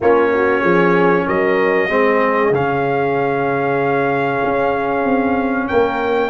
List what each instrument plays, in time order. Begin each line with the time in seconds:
0.00 tuba A#3, trombone C#4, horn F4, trumpet C#5
0.34 horn F#4
0.61 tuba F3, horn G#4
1.27 tuba F#3, horn A#4, trumpet D#5
1.89 tuba G#3, trombone C4, horn G#4
2.51 tuba C#3, trombone C#4, trumpet F5
4.43 tuba C#4
5.04 tuba C4
5.68 tuba A#3, horn A#4, trumpet G5